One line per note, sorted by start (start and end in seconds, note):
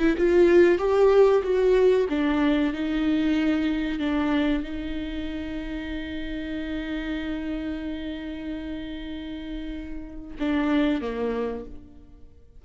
0.00 0.16 E4
0.18 0.79 F4
0.79 1.43 G4
1.44 2.08 F#4
2.10 2.74 D4
2.74 4.00 D#4
4.00 4.63 D4
4.63 10.38 D#4
10.40 11.02 D4
11.02 11.65 A#3